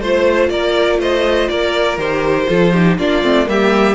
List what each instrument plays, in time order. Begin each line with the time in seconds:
0.00 cello A3, viola F4, violin C5
0.49 cello A#3, violin A#4 D5
0.98 cello A3, violin C5 D#5
1.48 cello A#3, violin A#4 D5
1.97 cello D#3, viola G4, violin C5
2.47 cello F3, viola F4, violin A4
2.73 viola D#4, violin G4
2.98 cello A#3, viola D4, violin F4 D5
3.23 cello A3, viola C4
3.46 cello G3, viola A#3, violin G4 E5